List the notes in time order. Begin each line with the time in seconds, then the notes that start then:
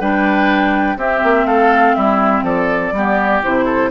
0.00 G3 D4 B4 G5
0.97 C4 G4 E5
1.24 A#3
1.45 A3 A4 F5
1.95 G3 E4 E5
2.42 F3 A4 D5
2.92 G3 B3 G4
3.43 C3 E4 C5
3.65 A4